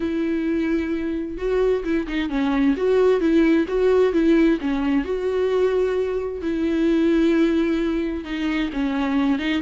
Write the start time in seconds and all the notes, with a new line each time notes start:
0.00 E4
1.37 F#4
1.84 E4
2.07 D#4
2.29 C#4
2.76 F#4
3.20 E4
3.68 F#4
4.12 E4
4.60 C#4
5.04 F#4
6.41 E4
8.24 D#4
8.73 C#4
9.38 D#4